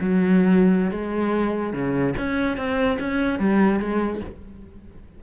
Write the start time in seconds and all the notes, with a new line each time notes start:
0.00 F#3
0.91 G#3
1.73 C#3
2.17 C#4
2.57 C4
2.99 C#4
3.39 G3
3.79 G#3